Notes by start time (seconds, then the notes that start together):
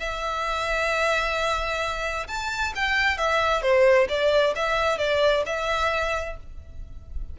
0.00 E5
2.28 A5
2.76 G5
3.18 E5
3.62 C5
4.09 D5
4.56 E5
4.98 D5
5.46 E5